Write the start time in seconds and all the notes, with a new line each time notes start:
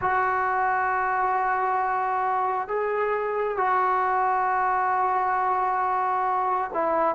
0.01 F#4
2.67 G#4
3.57 F#4
6.73 E4